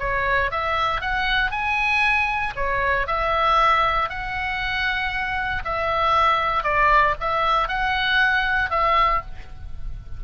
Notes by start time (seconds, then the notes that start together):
0.00 C#5
0.52 E5
1.01 F#5
1.52 G#5
2.56 C#5
3.07 E5
4.10 F#5
5.65 E5
6.64 D5
7.21 E5
7.69 F#5
8.71 E5